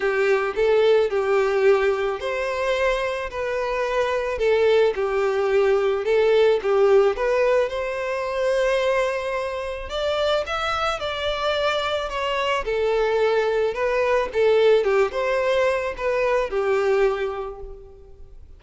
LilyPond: \new Staff \with { instrumentName = "violin" } { \time 4/4 \tempo 4 = 109 g'4 a'4 g'2 | c''2 b'2 | a'4 g'2 a'4 | g'4 b'4 c''2~ |
c''2 d''4 e''4 | d''2 cis''4 a'4~ | a'4 b'4 a'4 g'8 c''8~ | c''4 b'4 g'2 | }